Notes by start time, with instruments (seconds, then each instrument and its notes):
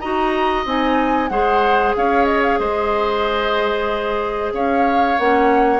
0.00 bassoon D#4, clarinet F#4, oboe D#5, flute A#5
0.66 bassoon C4, clarinet D#4, flute G#5
1.29 bassoon G#3, clarinet G#4, oboe C5, flute F#5
1.96 bassoon C#4, oboe C#5, flute F5
2.25 flute D#5
2.43 flute F5
2.59 bassoon G#3, oboe C5, flute D#5
4.53 bassoon C#4, oboe C#5, flute F5
5.19 bassoon A#3, clarinet C#4, flute F#5